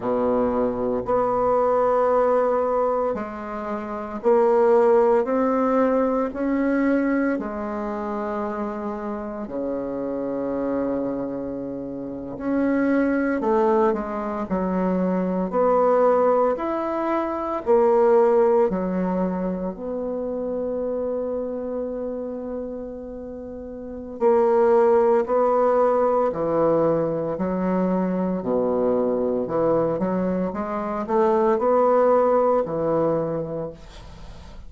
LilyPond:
\new Staff \with { instrumentName = "bassoon" } { \time 4/4 \tempo 4 = 57 b,4 b2 gis4 | ais4 c'4 cis'4 gis4~ | gis4 cis2~ cis8. cis'16~ | cis'8. a8 gis8 fis4 b4 e'16~ |
e'8. ais4 fis4 b4~ b16~ | b2. ais4 | b4 e4 fis4 b,4 | e8 fis8 gis8 a8 b4 e4 | }